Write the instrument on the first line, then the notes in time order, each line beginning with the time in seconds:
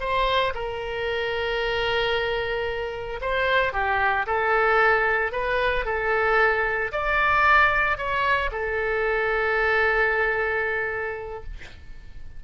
oboe
0.00 C5
0.54 A#4
3.21 C5
3.73 G4
4.26 A4
5.32 B4
5.85 A4
6.92 D5
7.97 C#5
8.51 A4